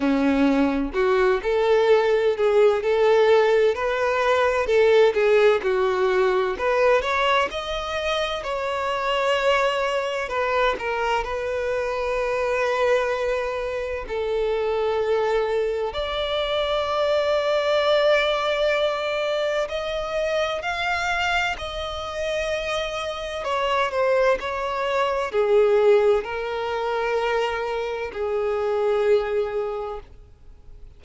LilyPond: \new Staff \with { instrumentName = "violin" } { \time 4/4 \tempo 4 = 64 cis'4 fis'8 a'4 gis'8 a'4 | b'4 a'8 gis'8 fis'4 b'8 cis''8 | dis''4 cis''2 b'8 ais'8 | b'2. a'4~ |
a'4 d''2.~ | d''4 dis''4 f''4 dis''4~ | dis''4 cis''8 c''8 cis''4 gis'4 | ais'2 gis'2 | }